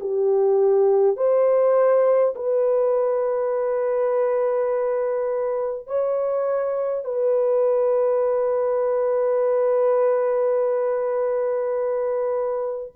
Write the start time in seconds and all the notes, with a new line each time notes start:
0.00 G4
1.16 C5
2.35 B4
5.87 C#5
7.04 B4